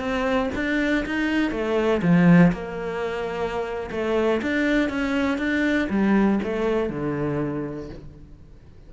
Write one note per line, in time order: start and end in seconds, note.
0.00 0.50 C4
0.56 1.06 D4
1.06 1.52 D#4
1.52 2.02 A3
2.02 2.52 F3
2.53 3.90 A#3
3.92 4.42 A3
4.42 4.89 D4
4.89 5.38 C#4
5.38 5.88 D4
5.90 6.40 G3
6.44 6.90 A3
6.90 7.90 D3